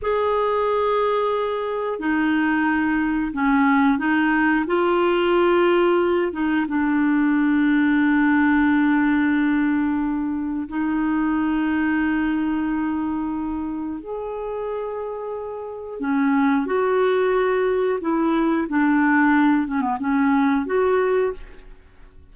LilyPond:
\new Staff \with { instrumentName = "clarinet" } { \time 4/4 \tempo 4 = 90 gis'2. dis'4~ | dis'4 cis'4 dis'4 f'4~ | f'4. dis'8 d'2~ | d'1 |
dis'1~ | dis'4 gis'2. | cis'4 fis'2 e'4 | d'4. cis'16 b16 cis'4 fis'4 | }